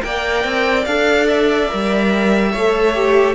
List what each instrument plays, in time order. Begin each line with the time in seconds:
0.00 cello A#3, viola A#4, violin D5 G5
0.44 cello C4
0.85 cello D4, viola A4, violin F5
1.27 violin E5
1.69 cello G3, viola A#4
2.52 cello A3, viola A4, violin C#5
2.94 viola G4